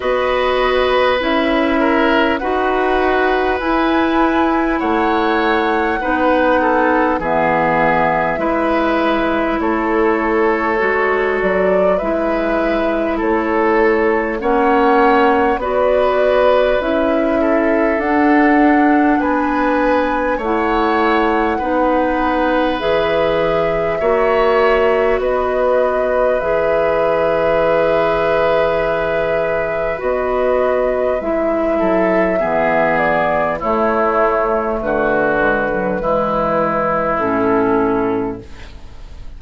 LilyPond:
<<
  \new Staff \with { instrumentName = "flute" } { \time 4/4 \tempo 4 = 50 dis''4 e''4 fis''4 gis''4 | fis''2 e''2 | cis''4. d''8 e''4 cis''4 | fis''4 d''4 e''4 fis''4 |
gis''4 fis''2 e''4~ | e''4 dis''4 e''2~ | e''4 dis''4 e''4. d''8 | cis''4 b'2 a'4 | }
  \new Staff \with { instrumentName = "oboe" } { \time 4/4 b'4. ais'8 b'2 | cis''4 b'8 a'8 gis'4 b'4 | a'2 b'4 a'4 | cis''4 b'4. a'4. |
b'4 cis''4 b'2 | cis''4 b'2.~ | b'2~ b'8 a'8 gis'4 | e'4 fis'4 e'2 | }
  \new Staff \with { instrumentName = "clarinet" } { \time 4/4 fis'4 e'4 fis'4 e'4~ | e'4 dis'4 b4 e'4~ | e'4 fis'4 e'2 | cis'4 fis'4 e'4 d'4~ |
d'4 e'4 dis'4 gis'4 | fis'2 gis'2~ | gis'4 fis'4 e'4 b4 | a4. gis16 fis16 gis4 cis'4 | }
  \new Staff \with { instrumentName = "bassoon" } { \time 4/4 b4 cis'4 dis'4 e'4 | a4 b4 e4 gis4 | a4 gis8 fis8 gis4 a4 | ais4 b4 cis'4 d'4 |
b4 a4 b4 e4 | ais4 b4 e2~ | e4 b4 gis8 fis8 e4 | a4 d4 e4 a,4 | }
>>